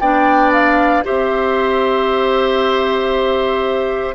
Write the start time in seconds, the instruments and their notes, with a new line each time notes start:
0.00 bassoon B3, clarinet D4, oboe D5, flute G5
0.53 flute F5
1.04 bassoon C4, clarinet G4, oboe C5, flute E5